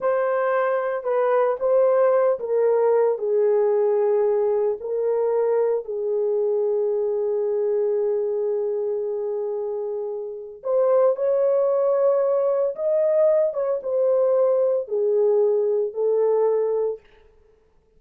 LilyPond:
\new Staff \with { instrumentName = "horn" } { \time 4/4 \tempo 4 = 113 c''2 b'4 c''4~ | c''8 ais'4. gis'2~ | gis'4 ais'2 gis'4~ | gis'1~ |
gis'1 | c''4 cis''2. | dis''4. cis''8 c''2 | gis'2 a'2 | }